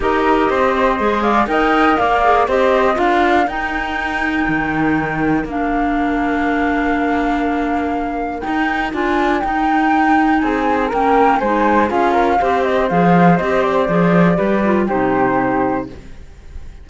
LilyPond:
<<
  \new Staff \with { instrumentName = "flute" } { \time 4/4 \tempo 4 = 121 dis''2~ dis''8 f''8 g''4 | f''4 dis''4 f''4 g''4~ | g''2. f''4~ | f''1~ |
f''4 g''4 gis''4 g''4~ | g''4 gis''4 g''4 gis''4 | f''4. dis''8 f''4 dis''8 d''8~ | d''2 c''2 | }
  \new Staff \with { instrumentName = "flute" } { \time 4/4 ais'4 c''4. d''8 dis''4 | d''4 c''4 ais'2~ | ais'1~ | ais'1~ |
ais'1~ | ais'4 gis'4 ais'4 c''4 | gis'8 ais'8 c''2.~ | c''4 b'4 g'2 | }
  \new Staff \with { instrumentName = "clarinet" } { \time 4/4 g'2 gis'4 ais'4~ | ais'8 gis'8 g'4 f'4 dis'4~ | dis'2. d'4~ | d'1~ |
d'4 dis'4 f'4 dis'4~ | dis'2 cis'4 dis'4 | f'4 g'4 gis'4 g'4 | gis'4 g'8 f'8 dis'2 | }
  \new Staff \with { instrumentName = "cello" } { \time 4/4 dis'4 c'4 gis4 dis'4 | ais4 c'4 d'4 dis'4~ | dis'4 dis2 ais4~ | ais1~ |
ais4 dis'4 d'4 dis'4~ | dis'4 c'4 ais4 gis4 | cis'4 c'4 f4 c'4 | f4 g4 c2 | }
>>